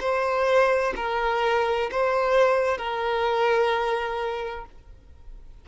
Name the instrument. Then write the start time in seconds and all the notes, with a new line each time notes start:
violin
0.00 C5
0.96 A#4
1.91 C5
2.77 A#4